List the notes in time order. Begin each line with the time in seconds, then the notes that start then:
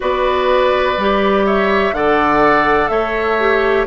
0.00 B3 F#4 B4 D5
0.97 G3 G4
1.46 C#5 E5
1.92 D3 A4 D5 F#5
2.88 A3 C#5 E5
3.39 G4